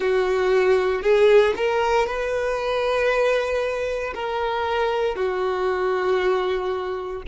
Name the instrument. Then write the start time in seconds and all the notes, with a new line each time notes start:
violin
0.00 F#4
1.02 G#4
1.56 A#4
2.06 B4
4.14 A#4
5.15 F#4